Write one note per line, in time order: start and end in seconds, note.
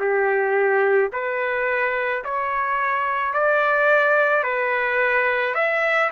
0.00 1.11 G4
1.13 2.24 B4
2.25 3.34 C#5
3.34 4.44 D5
4.44 5.55 B4
5.55 6.11 E5